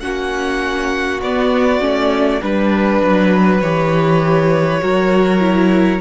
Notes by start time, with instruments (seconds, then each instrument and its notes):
0.00 cello A#3, viola C#4, violin F#4 F#5
1.22 cello B3, viola B3, violin D5
1.80 cello A3, viola C#4
2.41 cello G3, viola D4, violin B4
3.03 cello F#3
3.61 cello E3, viola G4, violin C#5
4.80 cello F#3, viola F#4, violin A#4
5.40 viola E4